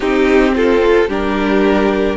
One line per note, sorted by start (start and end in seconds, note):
0.00 1.09 C4
0.00 1.08 C4
0.00 0.54 D#4
0.00 0.55 G4
0.55 1.08 F4
0.55 1.10 A4
1.08 2.17 G3
1.08 2.17 D4
1.08 2.17 G4
1.08 2.17 A#4